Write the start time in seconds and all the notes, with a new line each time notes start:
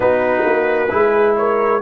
0.00 B3 D#4 F#4 B4
0.45 A#3
0.90 G#3 E4 G#4
1.36 A#4 C#5